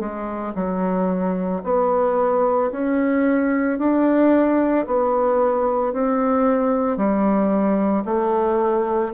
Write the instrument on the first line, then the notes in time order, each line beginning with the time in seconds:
bassoon
0.00 G#3
0.56 F#3
1.64 B3
2.72 C#4
3.79 D4
4.87 B3
5.94 C4
6.97 G3
8.06 A3